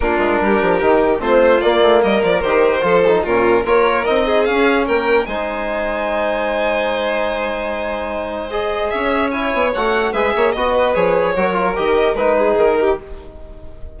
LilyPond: <<
  \new Staff \with { instrumentName = "violin" } { \time 4/4 \tempo 4 = 148 ais'2. c''4 | d''4 dis''8 d''8 c''2 | ais'4 cis''4 dis''4 f''4 | g''4 gis''2.~ |
gis''1~ | gis''4 dis''4 e''4 gis''4 | fis''4 e''4 dis''4 cis''4~ | cis''4 dis''4 b'4 ais'4 | }
  \new Staff \with { instrumentName = "violin" } { \time 4/4 f'4 g'2 f'4~ | f'4 ais'2 a'4 | f'4 ais'4. gis'4. | ais'4 c''2.~ |
c''1~ | c''2 cis''2~ | cis''4 b'8 cis''8 dis''8 b'4. | ais'2~ ais'8 gis'4 g'8 | }
  \new Staff \with { instrumentName = "trombone" } { \time 4/4 d'2 dis'4 c'4 | ais2 g'4 f'8 dis'8 | cis'4 f'4 dis'4 cis'4~ | cis'4 dis'2.~ |
dis'1~ | dis'4 gis'2 e'4 | fis'4 gis'4 fis'4 gis'4 | fis'8 f'8 g'4 dis'2 | }
  \new Staff \with { instrumentName = "bassoon" } { \time 4/4 ais8 gis8 g8 f8 dis4 a4 | ais8 a8 g8 f8 dis4 f4 | ais,4 ais4 c'4 cis'4 | ais4 gis2.~ |
gis1~ | gis2 cis'4. b8 | a4 gis8 ais8 b4 f4 | fis4 dis4 gis4 dis4 | }
>>